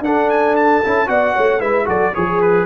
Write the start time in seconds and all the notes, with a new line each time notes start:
0.00 D4 A4 F#5
0.30 G#5
0.56 A5
0.84 C#4 E4
1.06 B3 F#4 D5 F#5
1.35 A3 C#5
1.60 G#3 E4 B4 E5
1.86 F#3 F#4 A4 D5
2.14 F3 G#4 C#5
2.41 B4